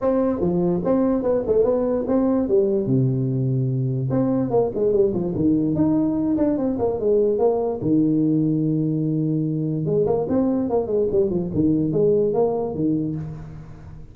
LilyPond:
\new Staff \with { instrumentName = "tuba" } { \time 4/4 \tempo 4 = 146 c'4 f4 c'4 b8 a8 | b4 c'4 g4 c4~ | c2 c'4 ais8 gis8 | g8 f8 dis4 dis'4. d'8 |
c'8 ais8 gis4 ais4 dis4~ | dis1 | gis8 ais8 c'4 ais8 gis8 g8 f8 | dis4 gis4 ais4 dis4 | }